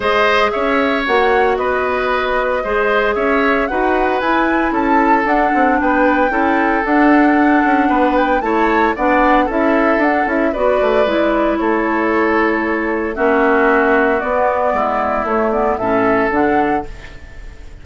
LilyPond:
<<
  \new Staff \with { instrumentName = "flute" } { \time 4/4 \tempo 4 = 114 dis''4 e''4 fis''4 dis''4~ | dis''2 e''4 fis''4 | gis''4 a''4 fis''4 g''4~ | g''4 fis''2~ fis''8 g''8 |
a''4 fis''4 e''4 fis''8 e''8 | d''2 cis''2~ | cis''4 e''2 d''4~ | d''4 cis''8 d''8 e''4 fis''4 | }
  \new Staff \with { instrumentName = "oboe" } { \time 4/4 c''4 cis''2 b'4~ | b'4 c''4 cis''4 b'4~ | b'4 a'2 b'4 | a'2. b'4 |
cis''4 d''4 a'2 | b'2 a'2~ | a'4 fis'2. | e'2 a'2 | }
  \new Staff \with { instrumentName = "clarinet" } { \time 4/4 gis'2 fis'2~ | fis'4 gis'2 fis'4 | e'2 d'2 | e'4 d'2. |
e'4 d'4 e'4 d'8 e'8 | fis'4 e'2.~ | e'4 cis'2 b4~ | b4 a8 b8 cis'4 d'4 | }
  \new Staff \with { instrumentName = "bassoon" } { \time 4/4 gis4 cis'4 ais4 b4~ | b4 gis4 cis'4 dis'4 | e'4 cis'4 d'8 c'8 b4 | cis'4 d'4. cis'8 b4 |
a4 b4 cis'4 d'8 cis'8 | b8 a8 gis4 a2~ | a4 ais2 b4 | gis4 a4 a,4 d4 | }
>>